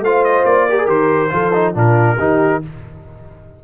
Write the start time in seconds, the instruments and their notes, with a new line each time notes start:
0.00 tuba A3, trombone F4, horn C5, trumpet F5
0.24 trumpet D#5
0.44 tuba A#3, trumpet D5
0.69 trombone G4, horn A#4
0.78 trombone G#4
0.86 tuba D#3, trombone G4, trumpet C5
1.30 tuba F3, trombone F4, horn A4
1.53 trombone D#4
1.74 tuba A#2, trombone D4, horn F4, trumpet A#4
2.18 tuba D#3, trombone D#4, horn G4